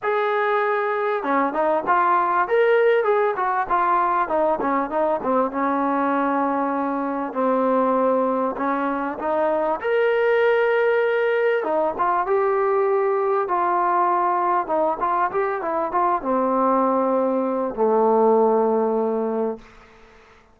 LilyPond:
\new Staff \with { instrumentName = "trombone" } { \time 4/4 \tempo 4 = 98 gis'2 cis'8 dis'8 f'4 | ais'4 gis'8 fis'8 f'4 dis'8 cis'8 | dis'8 c'8 cis'2. | c'2 cis'4 dis'4 |
ais'2. dis'8 f'8 | g'2 f'2 | dis'8 f'8 g'8 e'8 f'8 c'4.~ | c'4 a2. | }